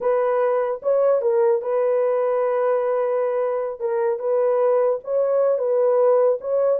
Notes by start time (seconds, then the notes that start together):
0.01 B4
0.82 C#5
1.21 A#4
1.61 B4
3.79 A#4
4.19 B4
5.04 C#5
5.58 B4
6.41 C#5